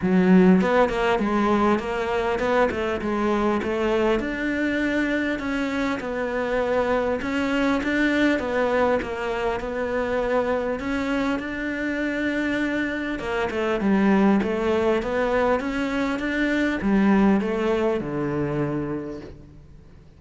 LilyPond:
\new Staff \with { instrumentName = "cello" } { \time 4/4 \tempo 4 = 100 fis4 b8 ais8 gis4 ais4 | b8 a8 gis4 a4 d'4~ | d'4 cis'4 b2 | cis'4 d'4 b4 ais4 |
b2 cis'4 d'4~ | d'2 ais8 a8 g4 | a4 b4 cis'4 d'4 | g4 a4 d2 | }